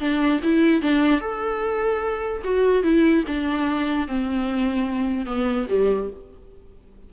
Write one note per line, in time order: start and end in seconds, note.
0.00 0.41 D4
0.43 0.81 E4
0.81 1.21 D4
1.21 2.42 A4
2.44 2.83 F#4
2.83 3.24 E4
3.27 4.08 D4
4.08 5.26 C4
5.26 5.67 B3
5.69 6.10 G3